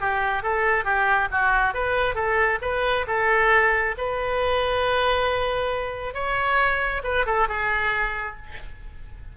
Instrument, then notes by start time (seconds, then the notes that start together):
oboe
0.00 G4
0.43 A4
0.84 G4
1.31 F#4
1.74 B4
2.15 A4
2.61 B4
3.07 A4
3.97 B4
6.14 C#5
7.03 B4
7.26 A4
7.48 G#4